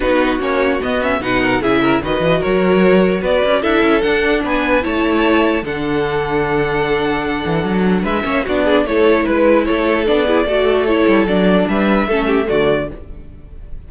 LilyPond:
<<
  \new Staff \with { instrumentName = "violin" } { \time 4/4 \tempo 4 = 149 b'4 cis''4 dis''8 e''8 fis''4 | e''4 dis''4 cis''2 | d''4 e''4 fis''4 gis''4 | a''2 fis''2~ |
fis''1 | e''4 d''4 cis''4 b'4 | cis''4 d''2 cis''4 | d''4 e''2 d''4 | }
  \new Staff \with { instrumentName = "violin" } { \time 4/4 fis'2. b'8 ais'8 | gis'8 ais'8 b'4 ais'2 | b'4 a'2 b'4 | cis''2 a'2~ |
a'1 | b'8 cis''8 fis'8 gis'8 a'4 b'4 | a'4. gis'8 a'2~ | a'4 b'4 a'8 g'8 fis'4 | }
  \new Staff \with { instrumentName = "viola" } { \time 4/4 dis'4 cis'4 b8 cis'8 dis'4 | e'4 fis'2.~ | fis'4 e'4 d'2 | e'2 d'2~ |
d'1~ | d'8 cis'8 d'4 e'2~ | e'4 d'8 e'8 fis'4 e'4 | d'2 cis'4 a4 | }
  \new Staff \with { instrumentName = "cello" } { \time 4/4 b4 ais4 b4 b,4 | cis4 dis8 e8 fis2 | b8 cis'8 d'8 cis'8 d'4 b4 | a2 d2~ |
d2~ d8 e8 fis4 | gis8 ais8 b4 a4 gis4 | a4 b4 a4. g8 | fis4 g4 a4 d4 | }
>>